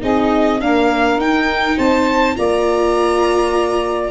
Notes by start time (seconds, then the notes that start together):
0.00 C4 D#4 G#4 D#5
0.61 A#3 D4 A#4 F5
1.17 D#4 G5
1.76 C4 C5 A5
2.35 A#3 F4 D5 A#5